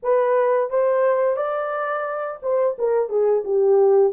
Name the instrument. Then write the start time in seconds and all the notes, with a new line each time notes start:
horn
0.02 B4
0.70 C5
1.36 D5
2.42 C5
2.78 A#4
3.08 G#4
3.44 G4